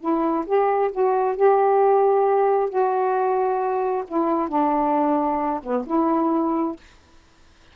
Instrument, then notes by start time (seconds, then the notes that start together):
saxophone
0.00 E4
0.46 G4
0.91 F#4
1.36 G4
2.69 F#4
4.07 E4
4.48 D4
5.63 B3
5.86 E4